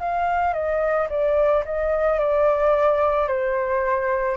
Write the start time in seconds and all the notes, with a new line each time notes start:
0.00 F5
0.54 D#5
1.10 D5
1.65 D#5
2.19 D5
3.28 C5